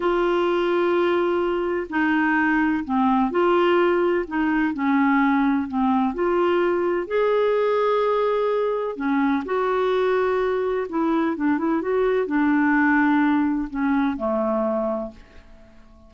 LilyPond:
\new Staff \with { instrumentName = "clarinet" } { \time 4/4 \tempo 4 = 127 f'1 | dis'2 c'4 f'4~ | f'4 dis'4 cis'2 | c'4 f'2 gis'4~ |
gis'2. cis'4 | fis'2. e'4 | d'8 e'8 fis'4 d'2~ | d'4 cis'4 a2 | }